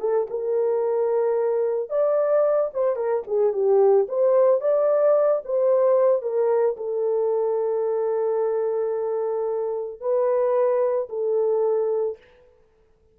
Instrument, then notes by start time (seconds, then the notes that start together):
horn
0.00 A4
0.30 A#4
1.90 D5
2.74 C5
2.96 A#4
3.27 G#4
3.53 G4
4.08 C5
4.61 D5
5.45 C5
6.22 A#4
6.77 A4
10.00 B4
11.09 A4